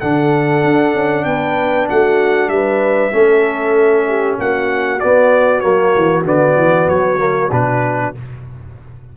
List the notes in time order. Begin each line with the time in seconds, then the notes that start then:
0.00 D3 D4 A4 F#5
0.64 D4
0.95 C#4
1.25 B3 B4 G5
1.89 A3 F#4 F#5
2.49 G3 B4 E5
3.12 A3 C#4 A4
4.08 G4
4.39 A#3 F#4 F#5
5.00 B3 D5
5.61 F#3 A#3 C#5
5.97 E3
6.25 D3 B3 D5
6.57 E3
6.89 F#3 C#5
7.19 A#3
7.52 B2 D4 B4